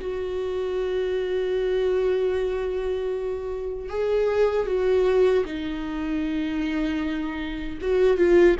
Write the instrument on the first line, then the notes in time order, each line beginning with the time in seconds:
viola
0.00 F#4
3.89 G#4
4.66 F#4
5.45 D#4
7.81 F#4
8.17 F4